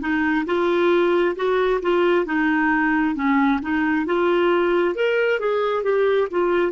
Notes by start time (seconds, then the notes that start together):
0.00 D#4
0.46 F4
1.36 F#4
1.82 F4
2.26 D#4
3.15 C#4
3.62 D#4
4.06 F4
4.95 A#4
5.39 G#4
5.83 G4
6.31 F4